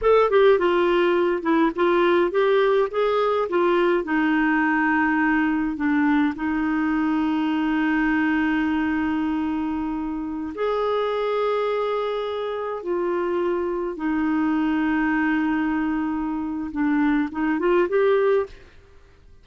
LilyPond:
\new Staff \with { instrumentName = "clarinet" } { \time 4/4 \tempo 4 = 104 a'8 g'8 f'4. e'8 f'4 | g'4 gis'4 f'4 dis'4~ | dis'2 d'4 dis'4~ | dis'1~ |
dis'2~ dis'16 gis'4.~ gis'16~ | gis'2~ gis'16 f'4.~ f'16~ | f'16 dis'2.~ dis'8.~ | dis'4 d'4 dis'8 f'8 g'4 | }